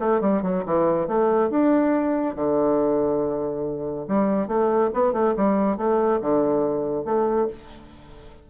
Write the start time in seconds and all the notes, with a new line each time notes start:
0.00 A3
0.21 G3
0.43 F#3
0.66 E3
1.08 A3
1.50 D4
2.36 D3
4.09 G3
4.48 A3
4.94 B3
5.13 A3
5.37 G3
5.78 A3
6.21 D3
7.05 A3